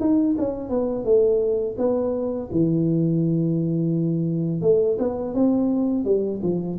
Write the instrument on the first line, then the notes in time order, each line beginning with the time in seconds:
tuba
0.00 D#4
0.38 C#4
0.69 B3
1.04 A3
1.78 B3
2.51 E3
4.61 A3
4.98 B3
5.34 C4
6.04 G3
6.42 F3